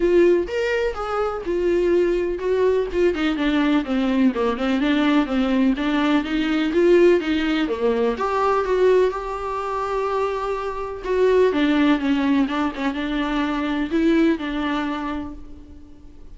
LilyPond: \new Staff \with { instrumentName = "viola" } { \time 4/4 \tempo 4 = 125 f'4 ais'4 gis'4 f'4~ | f'4 fis'4 f'8 dis'8 d'4 | c'4 ais8 c'8 d'4 c'4 | d'4 dis'4 f'4 dis'4 |
ais4 g'4 fis'4 g'4~ | g'2. fis'4 | d'4 cis'4 d'8 cis'8 d'4~ | d'4 e'4 d'2 | }